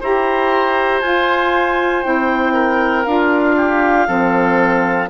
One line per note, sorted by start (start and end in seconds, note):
0.00 1.02 E4
0.00 1.02 G4
0.00 2.53 C5
0.00 1.01 A#5
1.01 2.02 F4
1.01 2.03 F4
1.01 2.03 G#5
2.02 3.06 C4
2.02 3.03 E4
2.02 3.04 G5
2.53 3.55 A#4
3.04 4.08 D4
3.04 4.07 F4
3.04 5.08 F5
3.56 4.07 G4
4.07 5.10 F3
4.07 5.08 C4
4.07 5.09 A4